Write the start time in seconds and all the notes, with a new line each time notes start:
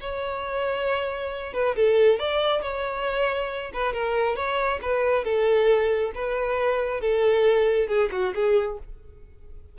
0.00 C#5
1.53 B4
1.75 A4
2.19 D5
2.62 C#5
3.73 B4
3.93 A#4
4.36 C#5
4.82 B4
5.24 A4
6.15 B4
7.01 A4
7.88 G#4
8.11 F#4
8.35 G#4